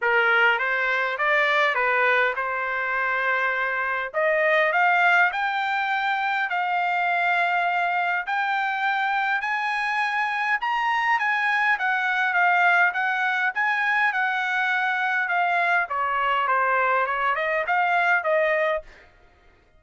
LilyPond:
\new Staff \with { instrumentName = "trumpet" } { \time 4/4 \tempo 4 = 102 ais'4 c''4 d''4 b'4 | c''2. dis''4 | f''4 g''2 f''4~ | f''2 g''2 |
gis''2 ais''4 gis''4 | fis''4 f''4 fis''4 gis''4 | fis''2 f''4 cis''4 | c''4 cis''8 dis''8 f''4 dis''4 | }